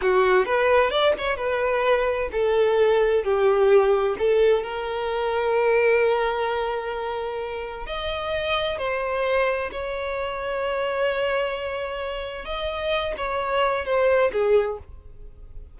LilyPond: \new Staff \with { instrumentName = "violin" } { \time 4/4 \tempo 4 = 130 fis'4 b'4 d''8 cis''8 b'4~ | b'4 a'2 g'4~ | g'4 a'4 ais'2~ | ais'1~ |
ais'4 dis''2 c''4~ | c''4 cis''2.~ | cis''2. dis''4~ | dis''8 cis''4. c''4 gis'4 | }